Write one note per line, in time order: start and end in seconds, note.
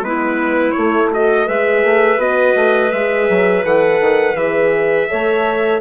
0.00 0.72 G#3
0.00 0.75 B3
0.00 1.14 E4
0.00 0.72 B4
0.72 1.47 A3
0.72 1.11 A3
0.72 1.08 C#5
1.11 1.47 F#4
1.11 1.46 A4
1.11 1.48 D#5
1.46 1.83 G#3
1.46 2.18 G#4
1.46 5.08 B4
1.46 2.20 E5
1.83 2.17 A3
2.17 2.53 B3
2.17 2.90 F#4
2.17 2.91 D#5
2.55 2.91 A3
2.91 3.28 G#3
2.91 3.63 G#4
2.91 3.63 E5
3.29 3.64 F#3
3.63 4.00 E3
3.63 4.36 A4
3.63 4.36 F#5
4.00 4.34 D#3
4.34 5.06 E3
4.34 5.08 G#4
4.34 5.80 E5
5.08 5.80 A3
5.08 5.80 A4
5.08 5.80 C#5